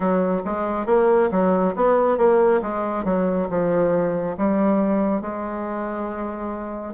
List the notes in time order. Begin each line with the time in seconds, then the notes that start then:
0.00 F#3
0.44 G#3
0.86 A#3
1.30 F#3
1.75 B3
2.17 A#3
2.61 G#3
3.04 F#3
3.49 F3
4.37 G3
5.21 G#3